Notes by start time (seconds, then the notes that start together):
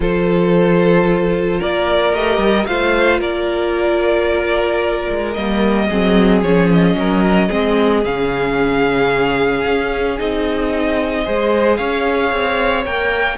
0.00 F3 F4 A4 C5
1.59 A#3 A#4 D5
2.13 A3 G4 D#5
2.37 G3
2.66 A3 F4 C5 F5
3.19 A#3 A#4 D5
5.10 G#3
5.33 G3 A#3 D#5
5.89 F#3 C4 G#4
6.42 F3 C#4 C#5
6.73 D#5
6.95 F#3 A#4
7.47 G#3 C4 G#4
8.04 C#3 C#4 F5
9.66 C#4
10.18 C4 D#4 D#5
11.24 G#3 G#4 C5
11.76 C#4 C#5 F5
12.32 C4
12.85 A#3 A#4 G5